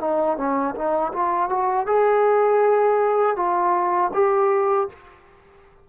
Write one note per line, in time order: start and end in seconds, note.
0.00 0.37 D#4
0.37 0.75 C#4
0.75 1.12 D#4
1.13 1.49 F4
1.49 1.87 F#4
1.87 3.36 G#4
3.36 4.11 F4
4.14 4.89 G4